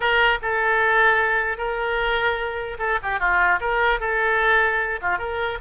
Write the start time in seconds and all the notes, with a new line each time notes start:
0.00 A#4
0.41 A4
1.57 A#4
2.79 A4
3.02 G4
3.19 F4
3.60 A#4
4.00 A4
5.01 F4
5.18 A#4